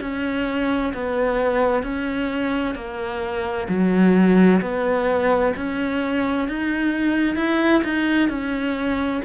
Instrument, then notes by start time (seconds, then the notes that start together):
cello
0.00 C#4
0.94 B3
1.83 C#4
2.74 A#3
3.68 F#3
4.61 B3
5.56 C#4
6.48 D#4
7.36 E4
7.83 D#4
8.29 C#4